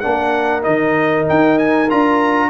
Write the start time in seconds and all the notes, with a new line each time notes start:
0.00 A#3 D4 A#4 F#5
0.62 D#3 D#4 D#5
1.29 D#4 G5
1.58 G#5
1.90 D4 F4 A#5